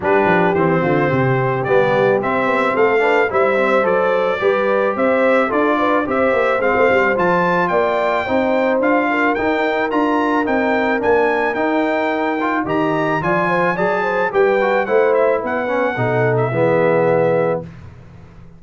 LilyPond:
<<
  \new Staff \with { instrumentName = "trumpet" } { \time 4/4 \tempo 4 = 109 b'4 c''2 d''4 | e''4 f''4 e''4 d''4~ | d''4 e''4 d''4 e''4 | f''4 a''4 g''2 |
f''4 g''4 ais''4 g''4 | gis''4 g''2 ais''4 | gis''4 a''4 g''4 fis''8 e''8 | fis''4.~ fis''16 e''2~ e''16 | }
  \new Staff \with { instrumentName = "horn" } { \time 4/4 g'4. f'8 g'2~ | g'4 a'8 b'8 c''2 | b'4 c''4 a'8 b'8 c''4~ | c''2 d''4 c''4~ |
c''8 ais'2.~ ais'8~ | ais'2. dis''4 | d''8 c''8 d''8 c''8 b'4 c''4 | b'4 a'4 gis'2 | }
  \new Staff \with { instrumentName = "trombone" } { \time 4/4 d'4 c'2 b4 | c'4. d'8 e'8 c'8 a'4 | g'2 f'4 g'4 | c'4 f'2 dis'4 |
f'4 dis'4 f'4 dis'4 | d'4 dis'4. f'8 g'4 | f'4 gis'4 g'8 fis'8 e'4~ | e'8 cis'8 dis'4 b2 | }
  \new Staff \with { instrumentName = "tuba" } { \time 4/4 g8 f8 e8 d8 c4 g4 | c'8 b8 a4 g4 fis4 | g4 c'4 d'4 c'8 ais8 | gis16 a16 g8 f4 ais4 c'4 |
d'4 dis'4 d'4 c'4 | ais4 dis'2 dis4 | f4 fis4 g4 a4 | b4 b,4 e2 | }
>>